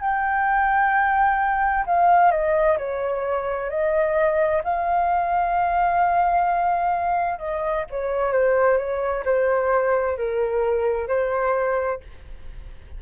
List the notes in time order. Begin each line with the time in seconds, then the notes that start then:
0.00 G5
1.86 F5
2.31 D#5
2.78 C#5
3.69 D#5
4.64 F5
7.38 D#5
7.90 C#5
8.32 C5
8.77 C#5
9.24 C5
10.17 A#4
11.08 C5